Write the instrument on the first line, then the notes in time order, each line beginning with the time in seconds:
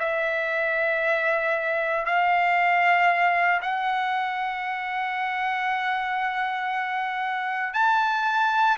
trumpet
0.00 E5
2.06 F5
3.62 F#5
7.74 A5